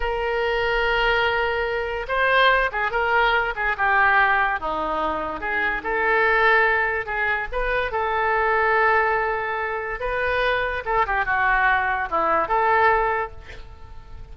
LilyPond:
\new Staff \with { instrumentName = "oboe" } { \time 4/4 \tempo 4 = 144 ais'1~ | ais'4 c''4. gis'8 ais'4~ | ais'8 gis'8 g'2 dis'4~ | dis'4 gis'4 a'2~ |
a'4 gis'4 b'4 a'4~ | a'1 | b'2 a'8 g'8 fis'4~ | fis'4 e'4 a'2 | }